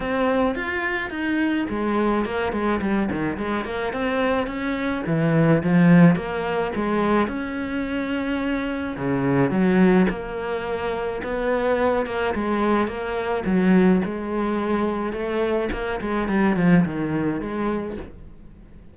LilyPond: \new Staff \with { instrumentName = "cello" } { \time 4/4 \tempo 4 = 107 c'4 f'4 dis'4 gis4 | ais8 gis8 g8 dis8 gis8 ais8 c'4 | cis'4 e4 f4 ais4 | gis4 cis'2. |
cis4 fis4 ais2 | b4. ais8 gis4 ais4 | fis4 gis2 a4 | ais8 gis8 g8 f8 dis4 gis4 | }